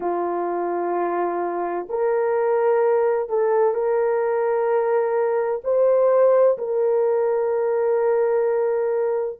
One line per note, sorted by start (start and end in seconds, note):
0.00 1.87 F4
1.89 3.29 A#4
3.29 3.74 A4
3.74 5.61 A#4
5.63 6.57 C5
6.58 9.39 A#4